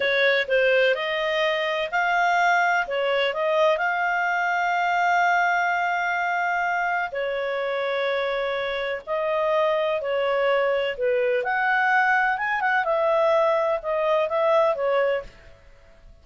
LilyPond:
\new Staff \with { instrumentName = "clarinet" } { \time 4/4 \tempo 4 = 126 cis''4 c''4 dis''2 | f''2 cis''4 dis''4 | f''1~ | f''2. cis''4~ |
cis''2. dis''4~ | dis''4 cis''2 b'4 | fis''2 gis''8 fis''8 e''4~ | e''4 dis''4 e''4 cis''4 | }